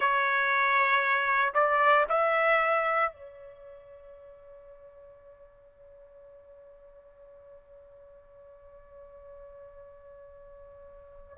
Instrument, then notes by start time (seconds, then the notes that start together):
trumpet
0.00 C#5
1.53 D5
2.09 E5
3.12 C#5